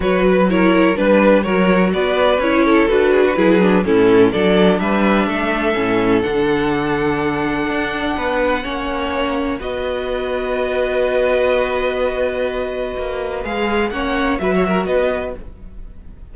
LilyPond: <<
  \new Staff \with { instrumentName = "violin" } { \time 4/4 \tempo 4 = 125 cis''8 b'8 cis''4 b'4 cis''4 | d''4 cis''4 b'2 | a'4 d''4 e''2~ | e''4 fis''2.~ |
fis''1 | dis''1~ | dis''1 | f''4 fis''4 e''4 dis''4 | }
  \new Staff \with { instrumentName = "violin" } { \time 4/4 b'4 ais'4 b'4 ais'4 | b'4. a'4 gis'16 fis'16 gis'4 | e'4 a'4 b'4 a'4~ | a'1~ |
a'4 b'4 cis''2 | b'1~ | b'1~ | b'4 cis''4 b'16 cis''16 ais'8 b'4 | }
  \new Staff \with { instrumentName = "viola" } { \time 4/4 fis'4 e'4 d'4 fis'4~ | fis'4 e'4 fis'4 e'8 d'8 | cis'4 d'2. | cis'4 d'2.~ |
d'2 cis'2 | fis'1~ | fis'1 | gis'4 cis'4 fis'2 | }
  \new Staff \with { instrumentName = "cello" } { \time 4/4 fis2 g4 fis4 | b4 cis'4 d'4 fis4 | a,4 fis4 g4 a4 | a,4 d2. |
d'4 b4 ais2 | b1~ | b2. ais4 | gis4 ais4 fis4 b4 | }
>>